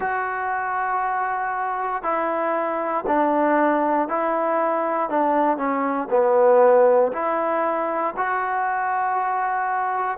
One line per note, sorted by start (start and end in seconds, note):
0.00 2.02 F#4
2.02 3.04 E4
3.06 4.08 D4
4.08 5.09 E4
5.09 5.57 D4
5.57 6.07 C#4
6.10 7.12 B3
7.12 8.14 E4
8.16 10.18 F#4